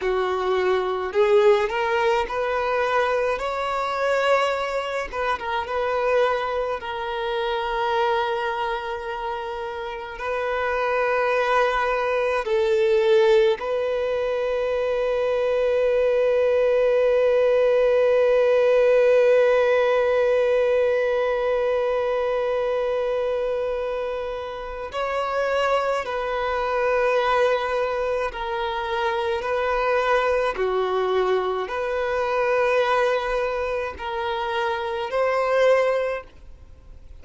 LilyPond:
\new Staff \with { instrumentName = "violin" } { \time 4/4 \tempo 4 = 53 fis'4 gis'8 ais'8 b'4 cis''4~ | cis''8 b'16 ais'16 b'4 ais'2~ | ais'4 b'2 a'4 | b'1~ |
b'1~ | b'2 cis''4 b'4~ | b'4 ais'4 b'4 fis'4 | b'2 ais'4 c''4 | }